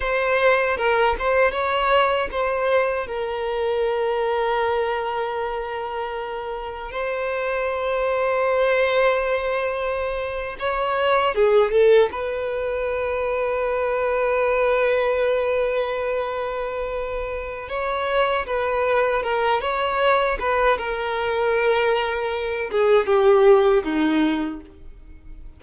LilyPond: \new Staff \with { instrumentName = "violin" } { \time 4/4 \tempo 4 = 78 c''4 ais'8 c''8 cis''4 c''4 | ais'1~ | ais'4 c''2.~ | c''4.~ c''16 cis''4 gis'8 a'8 b'16~ |
b'1~ | b'2. cis''4 | b'4 ais'8 cis''4 b'8 ais'4~ | ais'4. gis'8 g'4 dis'4 | }